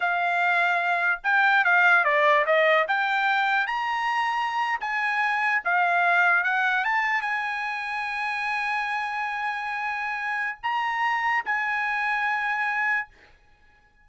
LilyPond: \new Staff \with { instrumentName = "trumpet" } { \time 4/4 \tempo 4 = 147 f''2. g''4 | f''4 d''4 dis''4 g''4~ | g''4 ais''2~ ais''8. gis''16~ | gis''4.~ gis''16 f''2 fis''16~ |
fis''8. a''4 gis''2~ gis''16~ | gis''1~ | gis''2 ais''2 | gis''1 | }